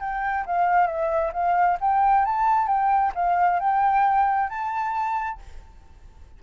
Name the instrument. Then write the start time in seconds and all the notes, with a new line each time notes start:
flute
0.00 G5
0.46 F5
0.87 E5
1.33 F5
1.80 G5
2.26 A5
2.67 G5
3.15 F5
3.60 G5
4.49 A5